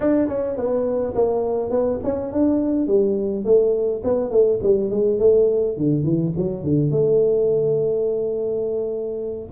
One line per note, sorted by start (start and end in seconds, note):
0.00 0.27 D4
0.27 0.56 C#4
0.56 1.14 B3
1.14 1.70 A#3
1.70 1.99 B3
2.03 2.32 C#4
2.32 2.87 D4
2.87 3.44 G3
3.44 4.02 A3
4.04 4.30 B3
4.30 4.59 A3
4.62 4.90 G3
4.90 5.19 G#3
5.19 5.77 A3
5.77 6.03 D3
6.03 6.32 E3
6.37 6.63 F#3
6.63 6.90 D3
6.90 9.50 A3